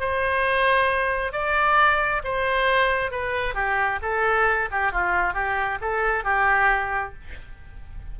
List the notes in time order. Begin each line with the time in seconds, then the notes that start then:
0.00 C5
1.32 D5
2.24 C5
3.11 B4
3.54 G4
4.02 A4
4.71 G4
4.92 F4
5.33 G4
5.81 A4
6.24 G4